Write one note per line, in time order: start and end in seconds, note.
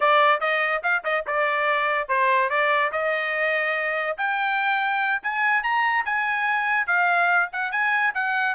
0.00 0.40 D5
0.40 0.81 D#5
0.82 1.03 F5
1.04 1.25 D#5
1.26 2.08 D5
2.08 2.49 C5
2.49 2.91 D5
2.92 4.17 D#5
4.17 5.21 G5
5.22 5.63 G#5
5.63 6.04 A#5
6.05 6.86 G#5
6.86 7.49 F5
7.52 7.71 F#5
7.71 8.13 G#5
8.14 8.55 F#5